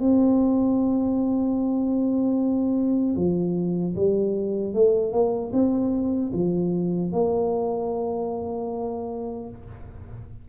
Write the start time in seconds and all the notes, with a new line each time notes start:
0.00 C4
3.17 F3
3.95 G3
4.74 A3
5.12 A#3
5.53 C4
6.33 F3
7.13 A#3